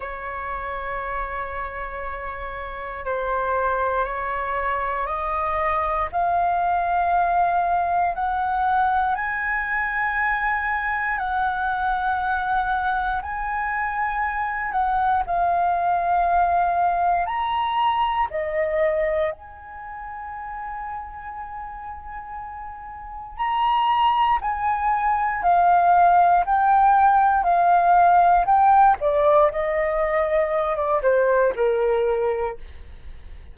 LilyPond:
\new Staff \with { instrumentName = "flute" } { \time 4/4 \tempo 4 = 59 cis''2. c''4 | cis''4 dis''4 f''2 | fis''4 gis''2 fis''4~ | fis''4 gis''4. fis''8 f''4~ |
f''4 ais''4 dis''4 gis''4~ | gis''2. ais''4 | gis''4 f''4 g''4 f''4 | g''8 d''8 dis''4~ dis''16 d''16 c''8 ais'4 | }